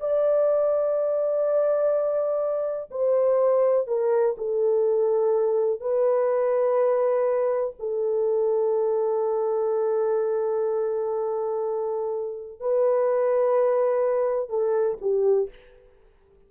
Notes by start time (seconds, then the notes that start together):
0.00 D5
2.90 C5
3.87 A#4
4.37 A4
5.80 B4
7.79 A4
12.60 B4
14.49 A4
15.01 G4